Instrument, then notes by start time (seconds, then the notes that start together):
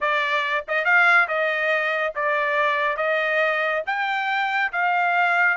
trumpet
0.00 D5
0.68 D#5
0.84 F5
1.28 D#5
2.15 D5
2.96 D#5
3.86 G5
4.72 F5